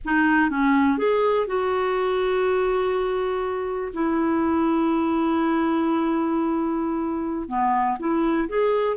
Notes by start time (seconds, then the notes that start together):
0.04 D#4
0.50 C#4
0.98 G#4
1.46 F#4
3.93 E4
7.48 B3
7.99 E4
8.48 G#4